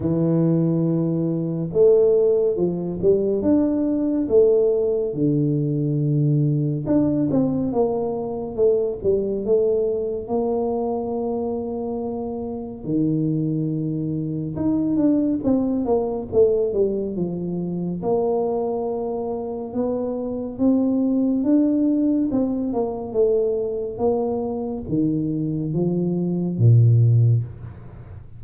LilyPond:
\new Staff \with { instrumentName = "tuba" } { \time 4/4 \tempo 4 = 70 e2 a4 f8 g8 | d'4 a4 d2 | d'8 c'8 ais4 a8 g8 a4 | ais2. dis4~ |
dis4 dis'8 d'8 c'8 ais8 a8 g8 | f4 ais2 b4 | c'4 d'4 c'8 ais8 a4 | ais4 dis4 f4 ais,4 | }